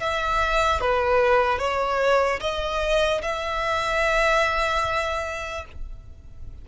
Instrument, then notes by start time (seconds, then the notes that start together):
violin
0.00 E5
0.81 B4
1.59 C#5
2.40 D#5
3.22 E5